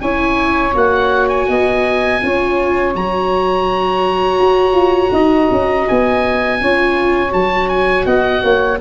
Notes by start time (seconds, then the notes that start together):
0.00 C#4 E4 C#5 G#5
0.73 A#3 F#4 F#5
1.28 G#5
1.48 B3 D#5
2.21 C#4 F4 C#5
2.94 F#3 F#4 A#5
4.40 F#4
4.72 F4
5.12 D#4 D#5
5.51 C#4
5.88 B3 G#5
6.61 C#4 F4 C#5
7.29 F#3 F#4 A5
7.69 G#5
8.05 B3 D#5 F#5
8.42 A#3 C#5